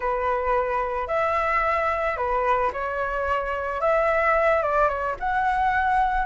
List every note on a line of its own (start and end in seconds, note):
0.00 1.07 B4
1.07 2.16 E5
2.16 2.71 B4
2.72 3.80 C#5
3.80 4.62 E5
4.62 4.88 D5
4.88 5.15 C#5
5.19 6.26 F#5